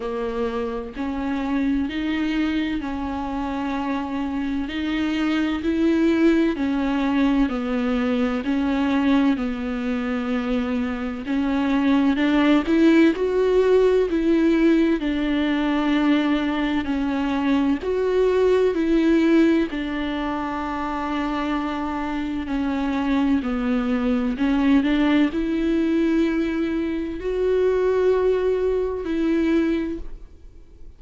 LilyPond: \new Staff \with { instrumentName = "viola" } { \time 4/4 \tempo 4 = 64 ais4 cis'4 dis'4 cis'4~ | cis'4 dis'4 e'4 cis'4 | b4 cis'4 b2 | cis'4 d'8 e'8 fis'4 e'4 |
d'2 cis'4 fis'4 | e'4 d'2. | cis'4 b4 cis'8 d'8 e'4~ | e'4 fis'2 e'4 | }